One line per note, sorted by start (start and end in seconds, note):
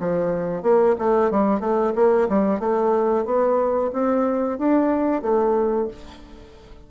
0.00 0.63 F3
0.63 0.96 A#3
0.99 1.31 A3
1.31 1.60 G3
1.60 1.93 A3
1.95 2.28 A#3
2.29 2.60 G3
2.60 3.25 A3
3.25 3.91 B3
3.93 4.59 C4
4.59 5.22 D4
5.22 5.88 A3